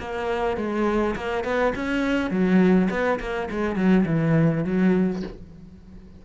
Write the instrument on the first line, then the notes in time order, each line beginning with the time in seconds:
cello
0.00 A#3
0.57 G#3
1.16 A#3
1.45 B3
1.76 C#4
2.31 F#3
2.90 B3
3.20 A#3
3.51 G#3
3.76 F#3
4.06 E3
4.64 F#3